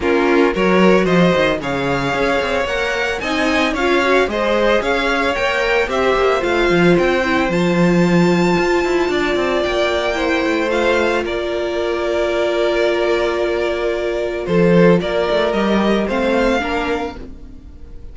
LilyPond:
<<
  \new Staff \with { instrumentName = "violin" } { \time 4/4 \tempo 4 = 112 ais'4 cis''4 dis''4 f''4~ | f''4 fis''4 gis''4 f''4 | dis''4 f''4 g''4 e''4 | f''4 g''4 a''2~ |
a''2 g''2 | f''4 d''2.~ | d''2. c''4 | d''4 dis''4 f''2 | }
  \new Staff \with { instrumentName = "violin" } { \time 4/4 f'4 ais'4 c''4 cis''4~ | cis''2 dis''4 cis''4 | c''4 cis''2 c''4~ | c''1~ |
c''4 d''2 c''4~ | c''4 ais'2.~ | ais'2. a'4 | ais'2 c''4 ais'4 | }
  \new Staff \with { instrumentName = "viola" } { \time 4/4 cis'4 fis'2 gis'4~ | gis'4 ais'4 dis'4 f'8 fis'8 | gis'2 ais'4 g'4 | f'4. e'8 f'2~ |
f'2. e'4 | f'1~ | f'1~ | f'4 g'4 c'4 d'4 | }
  \new Staff \with { instrumentName = "cello" } { \time 4/4 ais4 fis4 f8 dis8 cis4 | cis'8 c'8 ais4 c'4 cis'4 | gis4 cis'4 ais4 c'8 ais8 | a8 f8 c'4 f2 |
f'8 e'8 d'8 c'8 ais4. a8~ | a4 ais2.~ | ais2. f4 | ais8 a8 g4 a4 ais4 | }
>>